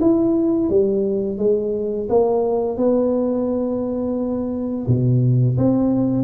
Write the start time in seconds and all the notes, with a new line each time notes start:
0.00 E4
0.69 G3
1.38 G#3
2.09 A#3
2.77 B3
4.87 B2
5.57 C4